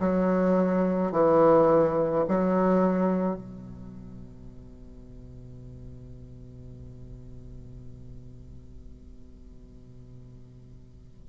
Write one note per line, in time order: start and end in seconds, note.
0.00 1.12 F#3
1.12 2.25 E3
2.28 3.36 F#3
3.36 11.28 B2